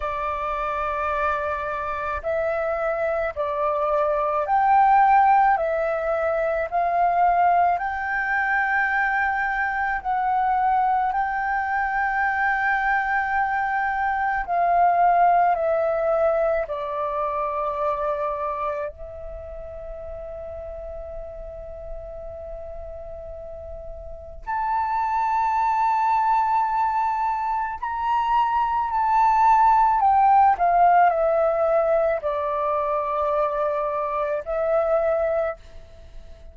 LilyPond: \new Staff \with { instrumentName = "flute" } { \time 4/4 \tempo 4 = 54 d''2 e''4 d''4 | g''4 e''4 f''4 g''4~ | g''4 fis''4 g''2~ | g''4 f''4 e''4 d''4~ |
d''4 e''2.~ | e''2 a''2~ | a''4 ais''4 a''4 g''8 f''8 | e''4 d''2 e''4 | }